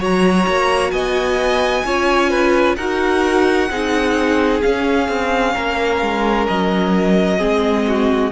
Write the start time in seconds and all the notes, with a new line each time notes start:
0.00 F#3 F#4 C#5 A#5
0.47 A#3
0.91 B3 D#5 G#5
1.84 C#4 F4 C#5
2.30 B4
2.76 D#4 F#4 A#4 F#5
3.69 C4 D#4 G#4
4.62 C#4 F5
5.08 C4
5.54 A#3 A#4
6.02 G#3
6.48 F#3 D#5
7.38 G#3 C4 G#4
7.88 F#4